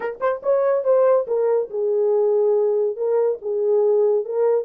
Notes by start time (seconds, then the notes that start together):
0.00 A#4
0.20 C5
0.42 C#5
0.84 C5
1.27 A#4
1.70 G#4
2.96 A#4
3.41 G#4
4.24 A#4